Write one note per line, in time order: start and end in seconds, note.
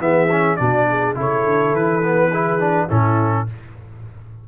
0.00 0.58 E3
0.00 0.30 B3
0.00 0.59 G#4
0.00 0.57 E5
0.31 0.59 C#4
0.57 1.17 B2
0.57 1.15 D4
0.57 0.88 F#4
0.57 1.15 D5
0.90 1.17 G#4
1.15 1.45 C#3
1.15 2.02 E4
1.15 2.31 A4
1.15 1.76 C#5
1.45 1.73 D3
1.73 2.88 E3
1.73 2.90 B4
2.02 2.31 B3
2.31 2.60 E4
2.31 2.87 G#4
2.60 2.89 D4
2.87 3.49 A2
2.87 3.47 C#4
2.87 3.45 E4
2.87 3.48 A4